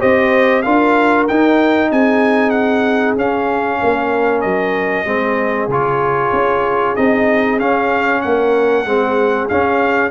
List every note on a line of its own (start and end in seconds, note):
0.00 0.66 C4
0.00 0.63 G4
0.00 0.63 C5
0.00 0.62 D#5
0.62 1.29 D4
0.62 1.28 F4
0.62 1.90 A#4
0.62 1.26 F5
1.28 3.18 D#4
1.28 1.92 D#4
1.28 1.91 G5
1.91 3.17 C4
1.91 3.80 G#4
1.91 2.51 G#5
2.51 3.14 F#5
3.17 3.80 C#4
3.17 5.06 C#4
3.17 4.41 F5
3.81 4.44 A#3
3.81 5.07 A#4
4.41 5.06 F#3
4.41 5.68 D#5
5.06 5.68 G#3
5.06 5.69 C4
5.06 8.23 G#4
5.68 6.31 C#3
5.68 6.97 F4
5.68 6.96 C#5
6.33 6.96 C#4
6.96 7.60 C4
6.96 7.59 D#4
6.96 7.59 D#5
7.59 8.86 C#4
7.59 8.24 C#4
7.59 8.22 F5
8.22 8.86 A#3
8.22 8.88 A#4
8.22 9.48 F#5
8.86 9.49 G#3
8.86 9.50 C4
8.86 10.11 G#4
9.49 10.11 C#4
9.49 10.11 F5